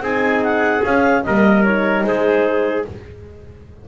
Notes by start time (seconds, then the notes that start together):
0.00 C4 D#4 G#4 G#5
0.43 F#5
0.82 C#4 F5
1.23 G3 A#3 A#4 D#5
1.64 D#4 C#5
2.04 G#3 G#4 C5